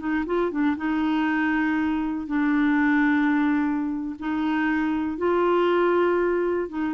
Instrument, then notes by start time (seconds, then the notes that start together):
clarinet
0.00 D#4
0.27 F4
0.52 D4
0.77 D#4
2.27 D4
4.20 D#4
5.18 F4
6.69 D#4